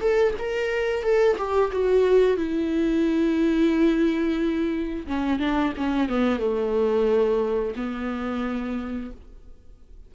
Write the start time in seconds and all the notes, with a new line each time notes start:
0.00 A4
0.38 A#4
1.03 A4
1.37 G4
1.72 F#4
2.37 E4
5.07 C#4
5.39 D4
5.77 C#4
6.09 B3
6.39 A3
7.76 B3